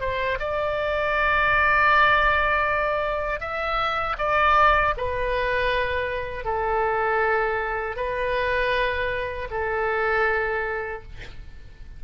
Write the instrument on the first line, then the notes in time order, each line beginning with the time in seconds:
oboe
0.00 C5
0.39 D5
3.40 E5
4.18 D5
4.97 B4
6.44 A4
7.96 B4
9.50 A4